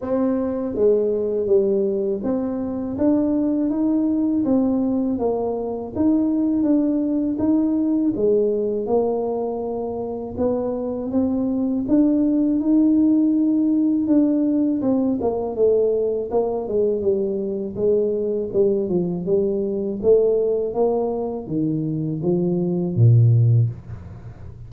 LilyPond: \new Staff \with { instrumentName = "tuba" } { \time 4/4 \tempo 4 = 81 c'4 gis4 g4 c'4 | d'4 dis'4 c'4 ais4 | dis'4 d'4 dis'4 gis4 | ais2 b4 c'4 |
d'4 dis'2 d'4 | c'8 ais8 a4 ais8 gis8 g4 | gis4 g8 f8 g4 a4 | ais4 dis4 f4 ais,4 | }